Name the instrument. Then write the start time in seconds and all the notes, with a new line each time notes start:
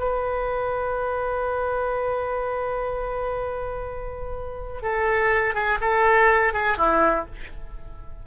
oboe
0.00 B4
4.82 A4
5.54 G#4
5.81 A4
6.53 G#4
6.78 E4